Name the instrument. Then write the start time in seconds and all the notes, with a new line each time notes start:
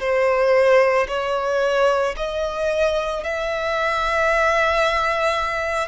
violin
0.00 C5
1.08 C#5
2.16 D#5
3.23 E5